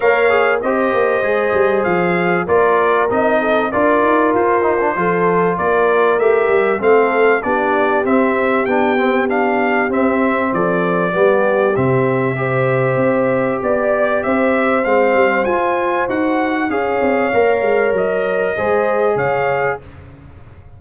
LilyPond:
<<
  \new Staff \with { instrumentName = "trumpet" } { \time 4/4 \tempo 4 = 97 f''4 dis''2 f''4 | d''4 dis''4 d''4 c''4~ | c''4 d''4 e''4 f''4 | d''4 e''4 g''4 f''4 |
e''4 d''2 e''4~ | e''2 d''4 e''4 | f''4 gis''4 fis''4 f''4~ | f''4 dis''2 f''4 | }
  \new Staff \with { instrumentName = "horn" } { \time 4/4 cis''4 c''2. | ais'4. a'8 ais'2 | a'4 ais'2 a'4 | g'1~ |
g'4 a'4 g'2 | c''2 d''4 c''4~ | c''2. cis''4~ | cis''2 c''4 cis''4 | }
  \new Staff \with { instrumentName = "trombone" } { \time 4/4 ais'8 gis'8 g'4 gis'2 | f'4 dis'4 f'4. dis'16 d'16 | f'2 g'4 c'4 | d'4 c'4 d'8 c'8 d'4 |
c'2 b4 c'4 | g'1 | c'4 f'4 fis'4 gis'4 | ais'2 gis'2 | }
  \new Staff \with { instrumentName = "tuba" } { \time 4/4 ais4 c'8 ais8 gis8 g8 f4 | ais4 c'4 d'8 dis'8 f'4 | f4 ais4 a8 g8 a4 | b4 c'4 b2 |
c'4 f4 g4 c4~ | c4 c'4 b4 c'4 | gis8 g8 f'4 dis'4 cis'8 c'8 | ais8 gis8 fis4 gis4 cis4 | }
>>